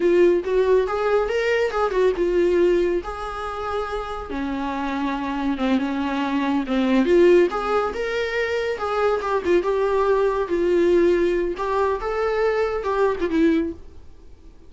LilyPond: \new Staff \with { instrumentName = "viola" } { \time 4/4 \tempo 4 = 140 f'4 fis'4 gis'4 ais'4 | gis'8 fis'8 f'2 gis'4~ | gis'2 cis'2~ | cis'4 c'8 cis'2 c'8~ |
c'8 f'4 gis'4 ais'4.~ | ais'8 gis'4 g'8 f'8 g'4.~ | g'8 f'2~ f'8 g'4 | a'2 g'8. f'16 e'4 | }